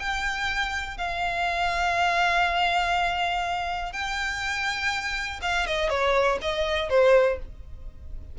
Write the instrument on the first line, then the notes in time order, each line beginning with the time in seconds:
violin
0.00 G5
0.98 F5
3.93 G5
5.43 F5
5.67 D#5
5.90 C#5
6.42 D#5
6.90 C5